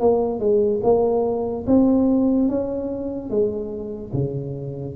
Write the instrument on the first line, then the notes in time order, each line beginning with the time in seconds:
tuba
0.00 A#3
0.40 G#3
0.83 A#3
1.67 C4
2.49 C#4
3.30 G#3
4.14 C#3